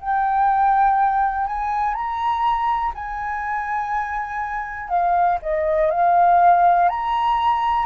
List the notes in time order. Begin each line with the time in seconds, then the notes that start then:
0.00 G5
1.46 G#5
1.94 A#5
2.94 G#5
4.89 F5
5.42 D#5
5.91 F5
6.89 A#5